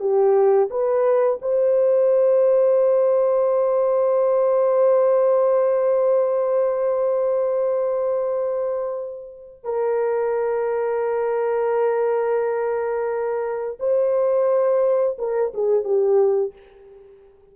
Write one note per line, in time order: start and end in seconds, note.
0.00 0.69 G4
0.70 1.39 B4
1.41 9.64 C5
9.64 13.77 A#4
13.79 15.17 C5
15.18 15.53 A#4
15.54 15.84 G#4
15.84 16.53 G4